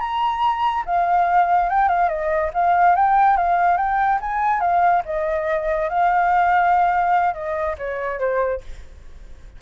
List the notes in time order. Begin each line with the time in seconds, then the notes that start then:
0.00 A#5
0.86 F5
1.69 G5
1.89 F5
2.09 D#5
2.54 F5
2.96 G5
3.37 F5
3.77 G5
4.21 G#5
4.61 F5
5.05 D#5
5.89 F5
7.34 D#5
7.78 C#5
8.19 C5